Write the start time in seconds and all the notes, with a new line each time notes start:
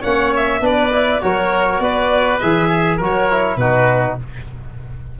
0.00 A#3 C#4 C#5 F#5
0.36 E5
0.60 B3 D4 B4 D5
0.91 E4
1.21 F#3 F#4 A#4 C#5
1.79 B3 B4 D5
2.39 E3 G#4 E5
2.69 G#4
2.96 F#3 F#4 A#4
3.04 C#5
3.30 E4
3.56 B2 D#4 F#4 B4